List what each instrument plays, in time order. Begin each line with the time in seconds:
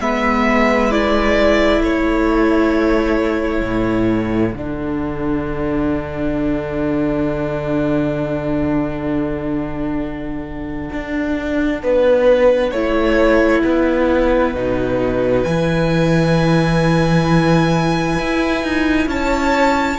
0.00 cello G#3, viola B3, violin B4 E5
0.91 viola E4, violin D5
1.80 cello A3, violin A4 C#5
3.62 cello A2
4.54 cello D3, viola D4, violin F#5
10.93 cello D4
11.83 cello B3, violin B4
12.71 cello A3, viola E4, violin C#5
13.64 cello B3, violin B4
14.54 cello B2, viola D#4
15.45 cello E3, viola E4, violin G#5
18.19 cello E4
18.64 cello D#4
19.07 cello C#4, violin C#5 A5